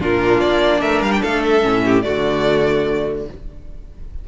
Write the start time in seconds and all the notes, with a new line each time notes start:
0.00 A#2 D4 F4 A#4
0.41 A#3 D5
0.80 A3 A#4 E5
1.02 G3 F5
1.12 G5
1.22 A3 A4 F5
1.44 E5
1.62 A2 C#4
1.86 G4
2.02 D3 A3 F#4 D5